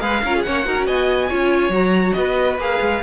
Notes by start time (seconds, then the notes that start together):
0.00 G#3 G#4 B4 F5
0.24 C#4 F4 A#4
0.35 G#4
0.42 A#3 C#4 C#5 F#5
0.65 D#4 F#4 A#4
0.77 C#4
0.86 B3 D#5 G#5
1.29 C#4 F4 C#5
1.69 F#3 F#4 A#5
2.13 B3 B4 D#5
2.58 A#3 G#4 F5
2.81 G#3